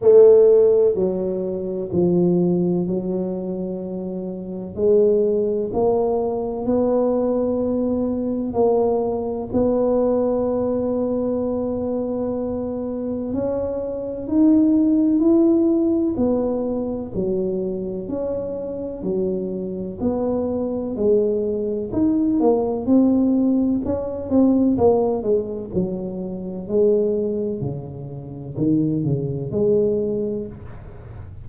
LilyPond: \new Staff \with { instrumentName = "tuba" } { \time 4/4 \tempo 4 = 63 a4 fis4 f4 fis4~ | fis4 gis4 ais4 b4~ | b4 ais4 b2~ | b2 cis'4 dis'4 |
e'4 b4 fis4 cis'4 | fis4 b4 gis4 dis'8 ais8 | c'4 cis'8 c'8 ais8 gis8 fis4 | gis4 cis4 dis8 cis8 gis4 | }